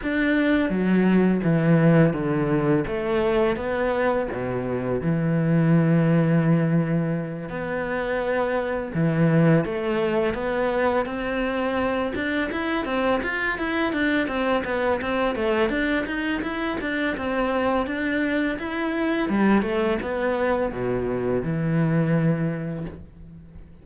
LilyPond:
\new Staff \with { instrumentName = "cello" } { \time 4/4 \tempo 4 = 84 d'4 fis4 e4 d4 | a4 b4 b,4 e4~ | e2~ e8 b4.~ | b8 e4 a4 b4 c'8~ |
c'4 d'8 e'8 c'8 f'8 e'8 d'8 | c'8 b8 c'8 a8 d'8 dis'8 e'8 d'8 | c'4 d'4 e'4 g8 a8 | b4 b,4 e2 | }